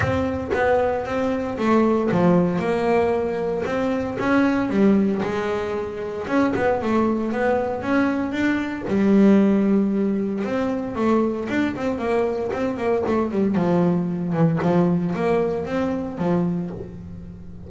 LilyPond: \new Staff \with { instrumentName = "double bass" } { \time 4/4 \tempo 4 = 115 c'4 b4 c'4 a4 | f4 ais2 c'4 | cis'4 g4 gis2 | cis'8 b8 a4 b4 cis'4 |
d'4 g2. | c'4 a4 d'8 c'8 ais4 | c'8 ais8 a8 g8 f4. e8 | f4 ais4 c'4 f4 | }